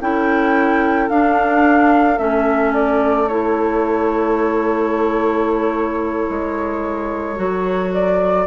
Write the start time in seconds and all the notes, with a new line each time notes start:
0.00 C#4 E4 A4 G5
1.09 D4 F5
2.17 A3 C#4 E5
2.73 D5
3.28 E4 C#5
6.29 G#3
7.36 F#3 F#4
7.93 D5